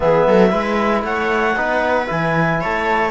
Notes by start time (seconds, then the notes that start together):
0.00 E3 B3 G#4 E5
0.27 F#3 A4
0.49 G#3 E4 B4
1.03 A3 C#5 F#5
1.56 B3 D#4 B4
2.06 E3 E4 G#5
2.60 A3 C#5 A5